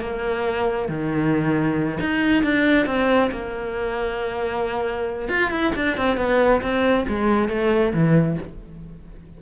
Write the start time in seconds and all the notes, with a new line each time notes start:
0.00 A#3
0.88 D#3
2.00 D#4
2.43 D4
2.86 C4
3.31 A#3
5.29 F4
5.51 E4
5.75 D4
5.97 C4
6.17 B3
6.62 C4
7.08 G#3
7.49 A3
7.94 E3